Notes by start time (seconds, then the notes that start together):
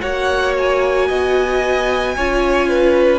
0.00 A#3 F#4 C#5 F#5
0.57 G#5
1.08 B3 D#5
2.16 C#4 F4 C#5
2.69 B4